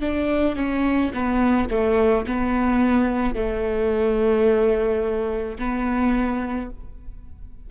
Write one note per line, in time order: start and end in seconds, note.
0.00 0.56 D4
0.56 1.11 C#4
1.13 1.69 B3
1.70 2.25 A3
2.26 3.35 B3
3.35 5.57 A3
5.58 6.69 B3